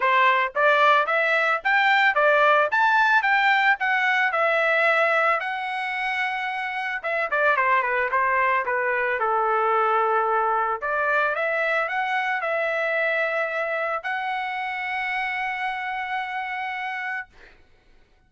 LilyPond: \new Staff \with { instrumentName = "trumpet" } { \time 4/4 \tempo 4 = 111 c''4 d''4 e''4 g''4 | d''4 a''4 g''4 fis''4 | e''2 fis''2~ | fis''4 e''8 d''8 c''8 b'8 c''4 |
b'4 a'2. | d''4 e''4 fis''4 e''4~ | e''2 fis''2~ | fis''1 | }